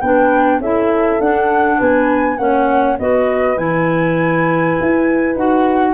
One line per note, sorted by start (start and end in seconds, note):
0.00 0.60 B3
0.00 0.62 D4
0.00 0.59 B4
0.00 0.60 G5
0.60 1.19 C#4
0.60 1.20 E4
0.60 1.78 A4
0.60 1.20 E5
1.20 1.79 D4
1.20 2.38 D4
1.20 1.80 F#5
1.78 2.38 B3
1.78 2.37 B4
1.78 2.37 G#5
2.37 2.98 A#3
2.37 2.97 C#4
2.37 2.99 C#5
2.37 2.97 F#5
2.99 3.57 B3
2.99 3.57 F#4
2.99 5.93 B4
2.99 3.57 D#5
3.57 4.75 E3
3.57 5.35 E4
3.57 5.36 G#5
4.80 5.35 E4
5.35 5.93 D#4
5.35 5.93 F#4
5.35 5.93 F#5